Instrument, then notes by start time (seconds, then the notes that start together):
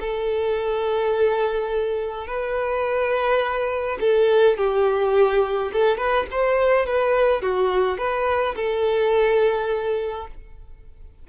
violin
0.00 A4
2.27 B4
4.00 A4
4.57 G4
5.72 A4
5.97 B4
6.31 C5
6.86 B4
7.42 F#4
7.98 B4
8.56 A4